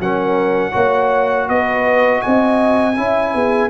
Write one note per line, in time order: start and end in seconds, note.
0.00 0.74 F#3
0.00 0.72 C#4
0.00 0.72 A#4
0.00 1.49 F#5
0.72 1.49 A#3
0.72 2.94 F#4
0.72 1.46 C#5
1.49 2.23 B3
1.49 2.22 B4
1.49 2.21 D#5
2.21 2.98 C4
2.21 2.96 D#5
2.21 3.70 G#5
2.97 3.34 C#4
2.97 3.70 E4
2.97 3.34 E5
3.34 3.70 B3
3.34 3.70 G#4